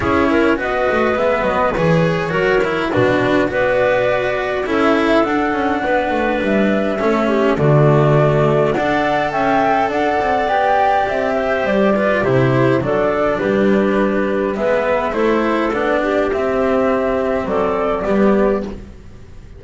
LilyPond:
<<
  \new Staff \with { instrumentName = "flute" } { \time 4/4 \tempo 4 = 103 cis''4 dis''4 e''8 dis''8 cis''4~ | cis''4 b'4 d''2 | e''4 fis''2 e''4~ | e''4 d''2 fis''4 |
g''4 fis''4 g''4 e''4 | d''4 c''4 d''4 b'4~ | b'4 e''4 c''4 d''4 | e''2 d''2 | }
  \new Staff \with { instrumentName = "clarinet" } { \time 4/4 gis'8 ais'8 b'2. | ais'4 fis'4 b'2 | a'2 b'2 | a'8 g'8 fis'2 d''4 |
e''4 d''2~ d''8 c''8~ | c''8 b'8 g'4 a'4 g'4~ | g'4 b'4 a'4. g'8~ | g'2 a'4 g'4 | }
  \new Staff \with { instrumentName = "cello" } { \time 4/4 e'4 fis'4 b4 gis'4 | fis'8 e'8 d'4 fis'2 | e'4 d'2. | cis'4 a2 a'4~ |
a'2 g'2~ | g'8 f'8 e'4 d'2~ | d'4 b4 e'4 d'4 | c'2. b4 | }
  \new Staff \with { instrumentName = "double bass" } { \time 4/4 cis'4 b8 a8 gis8 fis8 e4 | fis4 b,4 b2 | cis'4 d'8 cis'8 b8 a8 g4 | a4 d2 d'4 |
cis'4 d'8 c'8 b4 c'4 | g4 c4 fis4 g4~ | g4 gis4 a4 b4 | c'2 fis4 g4 | }
>>